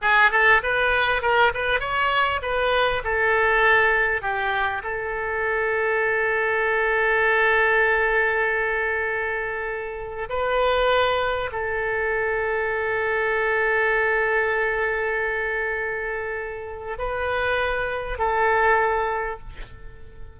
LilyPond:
\new Staff \with { instrumentName = "oboe" } { \time 4/4 \tempo 4 = 99 gis'8 a'8 b'4 ais'8 b'8 cis''4 | b'4 a'2 g'4 | a'1~ | a'1~ |
a'4 b'2 a'4~ | a'1~ | a'1 | b'2 a'2 | }